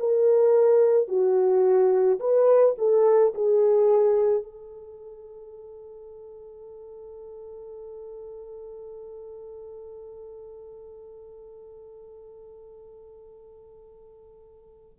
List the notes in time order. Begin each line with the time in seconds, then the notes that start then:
0.00 A#4
1.09 F#4
2.20 B4
2.78 A4
3.35 G#4
4.43 A4